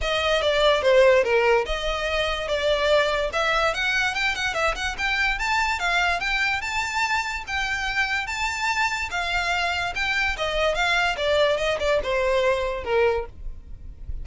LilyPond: \new Staff \with { instrumentName = "violin" } { \time 4/4 \tempo 4 = 145 dis''4 d''4 c''4 ais'4 | dis''2 d''2 | e''4 fis''4 g''8 fis''8 e''8 fis''8 | g''4 a''4 f''4 g''4 |
a''2 g''2 | a''2 f''2 | g''4 dis''4 f''4 d''4 | dis''8 d''8 c''2 ais'4 | }